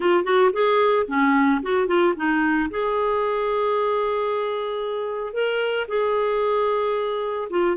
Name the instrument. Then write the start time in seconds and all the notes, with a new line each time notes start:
clarinet
0.00 F4
0.23 F#4
0.52 G#4
1.07 C#4
1.62 F#4
1.87 F4
2.16 D#4
2.70 G#4
5.33 A#4
5.88 G#4
7.50 F4